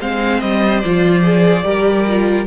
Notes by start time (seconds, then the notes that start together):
0.00 G#3 C4 C5 F5
0.40 G3 D#5
0.80 F3 F4 D5
1.23 G#4
1.63 G3 G4 A#4
2.08 F4